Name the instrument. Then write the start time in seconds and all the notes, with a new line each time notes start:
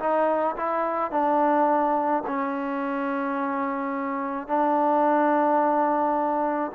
trombone
0.00 D#4
0.57 E4
1.11 D4
2.27 C#4
4.48 D4